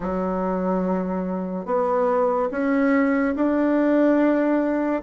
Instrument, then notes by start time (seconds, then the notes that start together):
bassoon
0.00 F#3
1.65 B3
2.51 C#4
3.35 D4